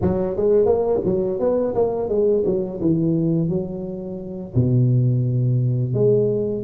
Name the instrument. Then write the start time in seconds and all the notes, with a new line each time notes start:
tuba
0.01 F#3
0.36 G#3
0.65 A#3
1.04 F#3
1.39 B3
1.74 A#3
2.08 G#3
2.45 F#3
2.80 E3
3.49 F#3
4.54 B2
5.94 G#3